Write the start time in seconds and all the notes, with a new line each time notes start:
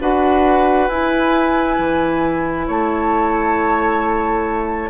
0.00 D4 F#4 B4 F#5
0.88 E4 G#5
1.78 E3
2.67 A3 C#5 A5